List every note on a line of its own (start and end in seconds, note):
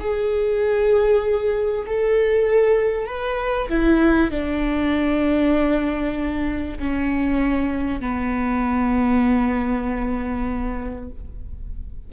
0.00 1.86 G#4
1.86 3.06 A4
3.06 3.68 B4
3.69 4.31 E4
4.31 6.78 D4
6.79 8.00 C#4
8.00 11.10 B3